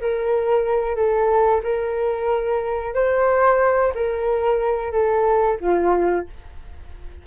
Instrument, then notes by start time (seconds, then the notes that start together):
flute
0.00 A#4
0.95 A4
1.63 A#4
2.94 C5
3.94 A#4
4.91 A4
5.60 F4